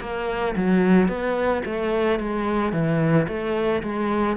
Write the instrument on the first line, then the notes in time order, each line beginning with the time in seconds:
cello
0.00 A#3
0.56 F#3
1.08 B3
1.65 A3
2.20 G#3
2.72 E3
3.28 A3
3.82 G#3